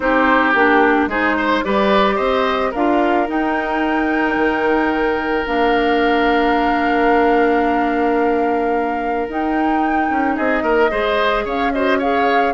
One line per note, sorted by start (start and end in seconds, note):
0.00 0.54 C4
0.00 0.54 D#4
0.00 1.09 G4
0.00 0.50 C5
0.50 1.07 A#3
0.50 1.10 D4
0.50 1.04 G4
1.07 1.61 G#3
1.07 1.64 D#4
1.07 1.36 G#4
1.07 1.64 C5
1.37 1.64 C5
1.64 2.19 G3
1.64 2.73 G4
1.64 2.15 B4
1.64 2.16 D5
2.15 2.73 C4
2.15 2.70 C5
2.15 2.71 D#5
2.70 3.28 D4
2.70 3.27 F4
2.70 10.34 A#4
2.70 3.28 F5
3.27 5.45 D#4
3.27 4.35 D#4
3.27 5.46 G5
4.35 5.44 D#3
5.46 9.28 A#3
5.46 9.27 D4
5.46 9.28 F5
9.28 10.09 D#4
9.28 10.89 D#4
9.28 10.36 G5
10.09 10.37 C#4
10.36 10.61 C4
10.36 10.63 G#4
10.36 11.45 D#5
10.61 10.89 A#3
10.61 10.90 A#4
10.89 11.45 G#3
10.89 11.71 G#4
10.89 11.44 C5
11.44 12.53 C#4
11.44 11.71 C#5
11.44 11.72 F5
11.72 12.01 F#4
11.72 11.98 C5
11.72 11.99 D#5
11.98 12.53 G#4
11.98 12.53 C#5
11.98 12.53 F5